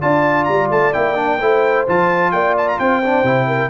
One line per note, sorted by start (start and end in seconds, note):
0.00 0.48 D4
0.00 0.93 F4
0.00 1.38 D5
0.00 0.44 A5
0.44 0.70 G3
0.44 0.67 A#5
0.70 0.93 A3
0.70 0.92 A5
0.92 1.40 A#3
0.92 1.15 E4
0.92 1.85 G5
1.15 1.38 D4
1.39 1.86 A3
1.39 1.87 E4
1.39 2.32 C5
1.87 2.32 F3
1.87 3.03 F4
1.87 2.31 A5
2.31 2.78 A#3
2.31 2.79 D5
2.31 2.54 G5
2.57 2.68 A5
2.68 2.79 A#5
2.79 3.22 C4
2.79 3.46 C5
2.79 3.70 G5
3.03 3.24 D4
3.22 3.69 C3
3.22 3.70 E4
3.46 3.70 A#4